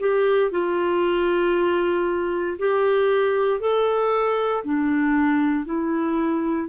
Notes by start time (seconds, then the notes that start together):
0.00 G4
0.51 F4
2.59 G4
3.61 A4
4.64 D4
5.65 E4